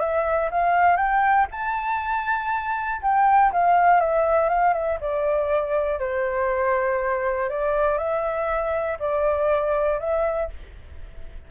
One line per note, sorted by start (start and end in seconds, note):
0.00 0.50 E5
0.51 0.97 F5
0.97 1.47 G5
1.52 3.02 A5
3.02 3.52 G5
3.52 4.01 F5
4.01 4.49 E5
4.49 4.74 F5
4.74 4.99 E5
5.01 6.00 D5
6.00 7.50 C5
7.50 7.98 D5
7.98 8.98 E5
9.00 10.00 D5
10.00 10.50 E5